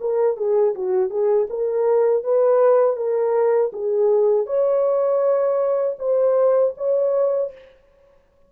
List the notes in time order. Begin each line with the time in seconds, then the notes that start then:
0.00 A#4
0.36 G#4
0.74 F#4
1.09 G#4
1.49 A#4
2.23 B4
2.96 A#4
3.73 G#4
4.46 C#5
5.98 C5
6.77 C#5